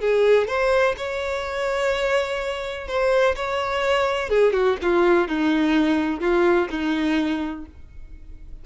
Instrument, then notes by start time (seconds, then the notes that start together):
violin
0.00 G#4
0.48 C5
0.97 C#5
2.88 C5
3.36 C#5
4.29 G#4
4.53 F#4
4.82 F4
5.28 D#4
6.21 F4
6.70 D#4